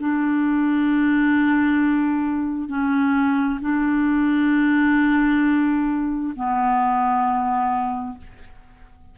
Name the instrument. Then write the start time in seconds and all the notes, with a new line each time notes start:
clarinet
0.00 D4
2.69 C#4
3.61 D4
6.36 B3